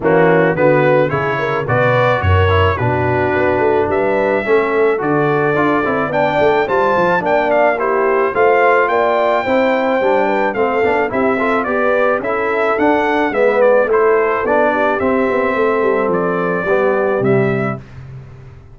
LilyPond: <<
  \new Staff \with { instrumentName = "trumpet" } { \time 4/4 \tempo 4 = 108 fis'4 b'4 cis''4 d''4 | cis''4 b'2 e''4~ | e''4 d''2 g''4 | a''4 g''8 f''8 c''4 f''4 |
g''2. f''4 | e''4 d''4 e''4 fis''4 | e''8 d''8 c''4 d''4 e''4~ | e''4 d''2 e''4 | }
  \new Staff \with { instrumentName = "horn" } { \time 4/4 cis'4 fis'4 gis'8 ais'8 b'4 | ais'4 fis'2 b'4 | a'2. d''4 | c''4 d''4 g'4 c''4 |
d''4 c''4. b'8 a'4 | g'8 a'8 b'4 a'2 | b'4 a'4. g'4. | a'2 g'2 | }
  \new Staff \with { instrumentName = "trombone" } { \time 4/4 ais4 b4 e'4 fis'4~ | fis'8 e'8 d'2. | cis'4 fis'4 f'8 e'8 d'4 | f'4 d'4 e'4 f'4~ |
f'4 e'4 d'4 c'8 d'8 | e'8 f'8 g'4 e'4 d'4 | b4 e'4 d'4 c'4~ | c'2 b4 g4 | }
  \new Staff \with { instrumentName = "tuba" } { \time 4/4 e4 d4 cis4 b,4 | fis,4 b,4 b8 a8 g4 | a4 d4 d'8 c'8 b8 a8 | g8 f8 ais2 a4 |
ais4 c'4 g4 a8 b8 | c'4 b4 cis'4 d'4 | gis4 a4 b4 c'8 b8 | a8 g8 f4 g4 c4 | }
>>